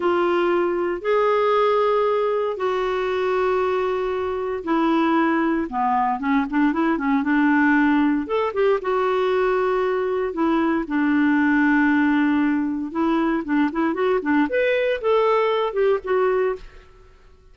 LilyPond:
\new Staff \with { instrumentName = "clarinet" } { \time 4/4 \tempo 4 = 116 f'2 gis'2~ | gis'4 fis'2.~ | fis'4 e'2 b4 | cis'8 d'8 e'8 cis'8 d'2 |
a'8 g'8 fis'2. | e'4 d'2.~ | d'4 e'4 d'8 e'8 fis'8 d'8 | b'4 a'4. g'8 fis'4 | }